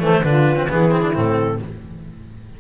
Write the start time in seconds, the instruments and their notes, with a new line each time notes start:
0.00 double bass E3, cello A3, saxophone A4, clarinet C5
0.23 double bass D3, cello D4, saxophone F4, clarinet B4
0.56 cello C4
0.69 double bass E3, cello B3, saxophone E4, clarinet G#4
0.91 cello C4
1.01 cello D4
1.13 double bass A2, cello C4, clarinet A4